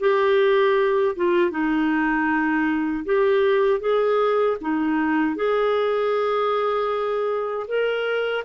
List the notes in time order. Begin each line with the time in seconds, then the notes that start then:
0.00 G4
1.16 F4
1.51 D#4
3.05 G4
3.80 G#4
4.61 D#4
5.36 G#4
7.67 A#4